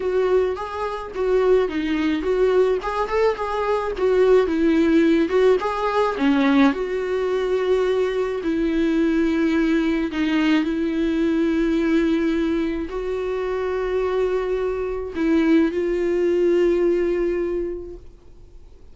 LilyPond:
\new Staff \with { instrumentName = "viola" } { \time 4/4 \tempo 4 = 107 fis'4 gis'4 fis'4 dis'4 | fis'4 gis'8 a'8 gis'4 fis'4 | e'4. fis'8 gis'4 cis'4 | fis'2. e'4~ |
e'2 dis'4 e'4~ | e'2. fis'4~ | fis'2. e'4 | f'1 | }